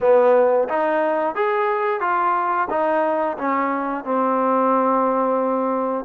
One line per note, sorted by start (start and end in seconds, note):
0.01 0.68 B3
0.68 1.35 D#4
1.35 2.00 G#4
2.00 2.68 F4
2.70 3.37 D#4
3.37 4.04 C#4
4.04 6.05 C4